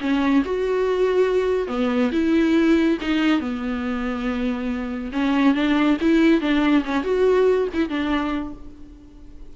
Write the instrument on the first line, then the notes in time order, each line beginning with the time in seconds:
viola
0.00 C#4
0.44 F#4
1.67 B3
2.12 E4
3.01 D#4
3.40 B3
5.12 C#4
5.54 D4
6.00 E4
6.41 D4
6.84 C#4
7.03 F#4
7.73 E4
7.89 D4